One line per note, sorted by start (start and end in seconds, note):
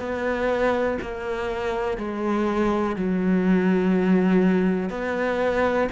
0.00 0.98 B3
1.02 1.98 A#3
1.98 2.96 G#3
2.96 4.90 F#3
4.90 5.88 B3